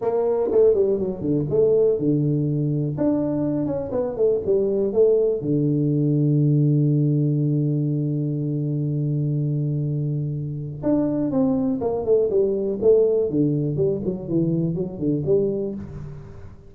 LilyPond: \new Staff \with { instrumentName = "tuba" } { \time 4/4 \tempo 4 = 122 ais4 a8 g8 fis8 d8 a4 | d2 d'4. cis'8 | b8 a8 g4 a4 d4~ | d1~ |
d1~ | d2 d'4 c'4 | ais8 a8 g4 a4 d4 | g8 fis8 e4 fis8 d8 g4 | }